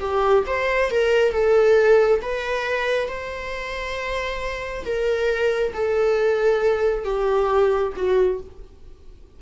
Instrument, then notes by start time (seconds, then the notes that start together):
viola
0.00 G4
0.47 C5
0.91 A#4
1.32 A4
2.22 B4
3.08 C5
4.85 A#4
5.74 A4
7.05 G4
7.96 F#4